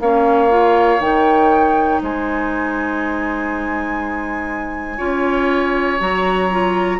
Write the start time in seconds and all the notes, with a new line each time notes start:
0.00 A#3 C#4 C#5 F5
0.49 F4
1.00 D#3 D#4 G5
2.02 G#3 C5 G#5
4.97 C#4 F4 C#5
5.99 F#3 F#4 A#5
6.51 F4